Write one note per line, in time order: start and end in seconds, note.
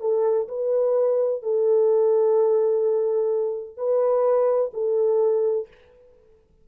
0.00 0.47 A4
0.48 1.42 B4
1.42 3.77 A4
3.77 4.71 B4
4.73 5.67 A4